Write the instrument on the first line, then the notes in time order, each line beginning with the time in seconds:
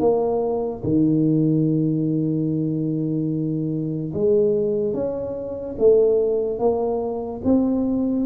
tuba
0.00 A#3
0.84 D#3
4.14 G#3
4.94 C#4
5.79 A3
6.59 A#3
7.45 C4